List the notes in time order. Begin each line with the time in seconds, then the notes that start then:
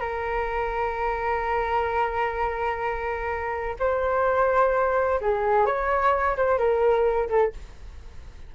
0.00 A#4
3.79 C5
5.21 G#4
5.65 C#5
6.36 C5
6.58 A#4
7.29 A4